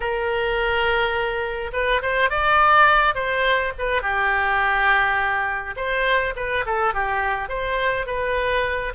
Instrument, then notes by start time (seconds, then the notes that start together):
oboe
0.00 A#4
1.73 B4
2.02 C5
2.30 D5
3.14 C5
3.78 B4
4.01 G4
5.76 C5
6.36 B4
6.66 A4
6.94 G4
7.48 C5
8.06 B4